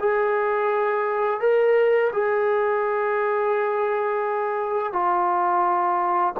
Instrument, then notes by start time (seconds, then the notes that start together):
trombone
0.00 G#4
1.41 A#4
2.13 G#4
4.93 F4